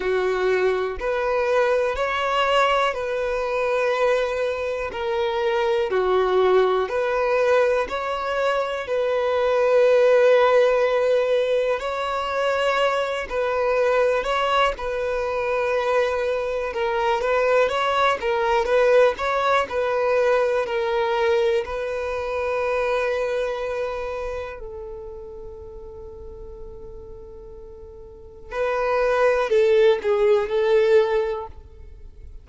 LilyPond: \new Staff \with { instrumentName = "violin" } { \time 4/4 \tempo 4 = 61 fis'4 b'4 cis''4 b'4~ | b'4 ais'4 fis'4 b'4 | cis''4 b'2. | cis''4. b'4 cis''8 b'4~ |
b'4 ais'8 b'8 cis''8 ais'8 b'8 cis''8 | b'4 ais'4 b'2~ | b'4 a'2.~ | a'4 b'4 a'8 gis'8 a'4 | }